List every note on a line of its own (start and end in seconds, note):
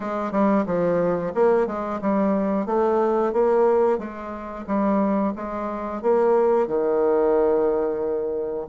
0.00 0.31 G#3
0.31 0.65 G3
0.66 1.32 F3
1.34 1.66 A#3
1.66 2.00 G#3
2.01 2.66 G3
2.66 3.32 A3
3.32 3.98 A#3
3.98 4.65 G#3
4.66 5.33 G3
5.35 6.02 G#3
6.02 6.67 A#3
6.67 8.67 D#3